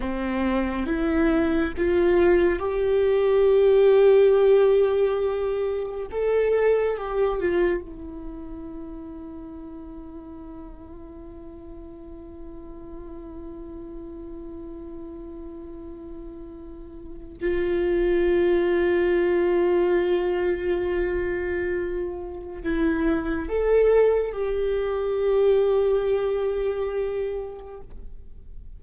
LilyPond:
\new Staff \with { instrumentName = "viola" } { \time 4/4 \tempo 4 = 69 c'4 e'4 f'4 g'4~ | g'2. a'4 | g'8 f'8 e'2.~ | e'1~ |
e'1 | f'1~ | f'2 e'4 a'4 | g'1 | }